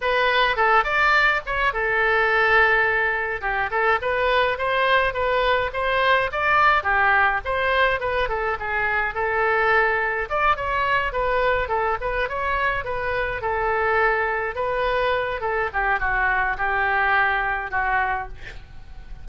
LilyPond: \new Staff \with { instrumentName = "oboe" } { \time 4/4 \tempo 4 = 105 b'4 a'8 d''4 cis''8 a'4~ | a'2 g'8 a'8 b'4 | c''4 b'4 c''4 d''4 | g'4 c''4 b'8 a'8 gis'4 |
a'2 d''8 cis''4 b'8~ | b'8 a'8 b'8 cis''4 b'4 a'8~ | a'4. b'4. a'8 g'8 | fis'4 g'2 fis'4 | }